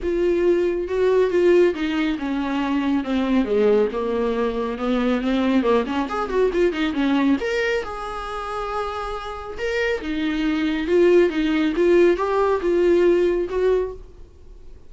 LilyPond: \new Staff \with { instrumentName = "viola" } { \time 4/4 \tempo 4 = 138 f'2 fis'4 f'4 | dis'4 cis'2 c'4 | gis4 ais2 b4 | c'4 ais8 cis'8 gis'8 fis'8 f'8 dis'8 |
cis'4 ais'4 gis'2~ | gis'2 ais'4 dis'4~ | dis'4 f'4 dis'4 f'4 | g'4 f'2 fis'4 | }